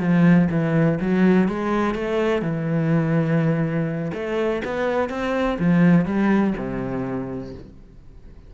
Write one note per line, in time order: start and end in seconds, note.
0.00 0.48 F3
0.51 0.99 E3
1.01 1.48 F#3
1.48 1.95 G#3
1.95 2.42 A3
2.42 4.12 E3
4.14 4.63 A3
4.65 5.10 B3
5.10 5.58 C4
5.59 6.06 F3
6.06 6.54 G3
6.58 7.54 C3